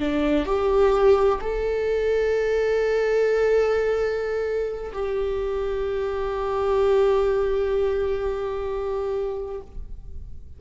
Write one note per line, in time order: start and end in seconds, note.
0.00 0.46 D4
0.46 1.40 G4
1.41 4.93 A4
4.93 9.62 G4